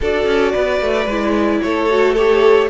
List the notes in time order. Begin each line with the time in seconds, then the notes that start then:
0.01 D4 F#4 A4 D5
0.26 C#4
0.52 B3 B4
0.80 A3
1.06 G#3 E4
1.61 A3 A4 C#5
1.89 F#4
2.12 G4 A4 C#5